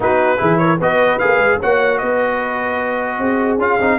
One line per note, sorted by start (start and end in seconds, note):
0.00 0.38 B3
0.00 0.37 D#4
0.00 0.39 F#4
0.00 0.57 B4
0.37 0.79 E3
0.37 0.77 E4
0.37 0.59 G#4
0.57 0.80 A#4
0.57 0.77 C#5
0.79 1.19 B3
0.79 1.20 F#4
0.79 1.59 B4
0.79 1.18 D#5
1.18 1.37 A#3
1.18 1.60 G#4
1.18 1.58 F5
1.37 1.57 G#3
1.59 2.01 A#3
1.59 3.59 F#4
1.59 1.99 C#5
1.59 1.98 F#5
1.98 3.18 B3
1.98 3.19 B4
1.98 3.58 D#5
3.18 3.58 C4
3.18 3.98 G#4
3.58 3.78 C#4
3.58 3.79 F4
3.58 3.98 F5
3.80 3.98 C4
3.80 3.98 D#4